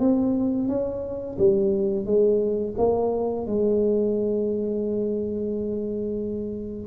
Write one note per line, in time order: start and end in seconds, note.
0.00 0.69 C4
0.69 1.38 C#4
1.39 2.06 G3
2.06 2.75 G#3
2.78 3.47 A#3
3.47 6.88 G#3